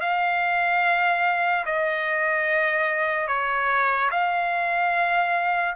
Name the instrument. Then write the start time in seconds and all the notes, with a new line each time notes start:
trumpet
0.00 F5
1.65 D#5
3.27 C#5
4.10 F5